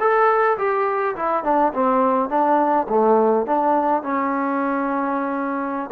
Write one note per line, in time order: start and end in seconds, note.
0.00 0.58 A4
0.58 1.16 G4
1.16 1.44 E4
1.44 1.73 D4
1.74 2.29 C4
2.29 2.87 D4
2.89 3.46 A3
3.46 4.03 D4
4.03 5.90 C#4